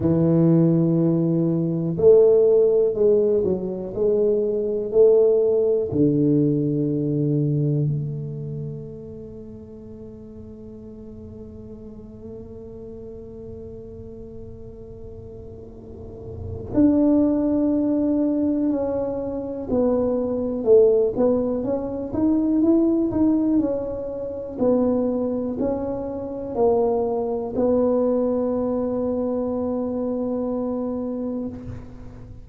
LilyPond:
\new Staff \with { instrumentName = "tuba" } { \time 4/4 \tempo 4 = 61 e2 a4 gis8 fis8 | gis4 a4 d2 | a1~ | a1~ |
a4 d'2 cis'4 | b4 a8 b8 cis'8 dis'8 e'8 dis'8 | cis'4 b4 cis'4 ais4 | b1 | }